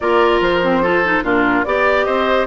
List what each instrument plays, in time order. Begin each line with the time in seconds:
0.00 bassoon A#3, clarinet F4, oboe A#4, flute D5
0.40 bassoon F3, flute C5
0.63 clarinet C4
0.82 clarinet F4, oboe A4
1.04 clarinet D#4
1.22 bassoon A#2, clarinet D4, oboe F4, flute A#4
1.63 bassoon B3, clarinet G4, flute D5, oboe D5
2.04 bassoon C4, oboe C5, flute D#5